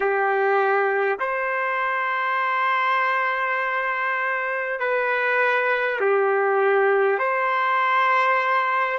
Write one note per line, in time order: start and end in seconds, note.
0.00 1.18 G4
1.19 4.79 C5
4.79 5.99 B4
6.00 7.18 G4
7.18 8.98 C5